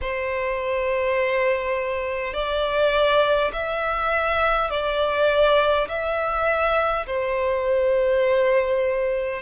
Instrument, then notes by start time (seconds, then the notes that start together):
violin
0.01 C5
2.33 D5
3.52 E5
4.70 D5
5.88 E5
7.06 C5